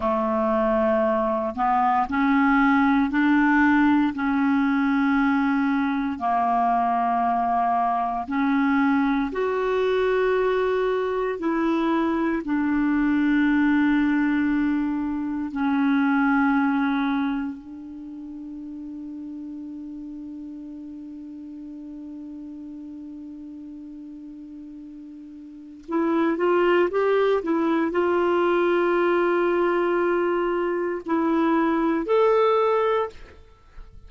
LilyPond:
\new Staff \with { instrumentName = "clarinet" } { \time 4/4 \tempo 4 = 58 a4. b8 cis'4 d'4 | cis'2 ais2 | cis'4 fis'2 e'4 | d'2. cis'4~ |
cis'4 d'2.~ | d'1~ | d'4 e'8 f'8 g'8 e'8 f'4~ | f'2 e'4 a'4 | }